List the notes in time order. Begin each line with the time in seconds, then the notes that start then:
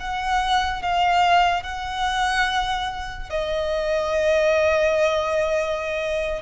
0.00 F#5
0.83 F5
1.63 F#5
3.30 D#5